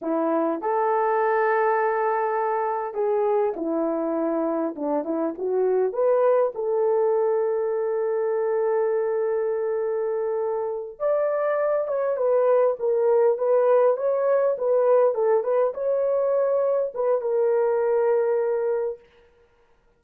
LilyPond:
\new Staff \with { instrumentName = "horn" } { \time 4/4 \tempo 4 = 101 e'4 a'2.~ | a'4 gis'4 e'2 | d'8 e'8 fis'4 b'4 a'4~ | a'1~ |
a'2~ a'8 d''4. | cis''8 b'4 ais'4 b'4 cis''8~ | cis''8 b'4 a'8 b'8 cis''4.~ | cis''8 b'8 ais'2. | }